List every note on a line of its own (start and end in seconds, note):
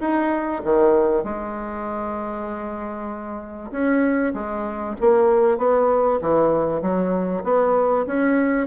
0.00 0.62 D#4
0.64 1.24 D#3
1.24 3.71 G#3
3.71 4.33 C#4
4.34 4.96 G#3
5.00 5.58 A#3
5.58 6.20 B3
6.21 6.82 E3
6.82 7.44 F#3
7.44 8.06 B3
8.07 8.67 C#4